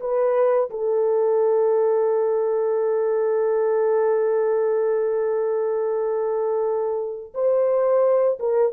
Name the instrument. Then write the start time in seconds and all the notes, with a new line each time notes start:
horn
0.00 B4
0.70 A4
7.34 C5
8.39 A#4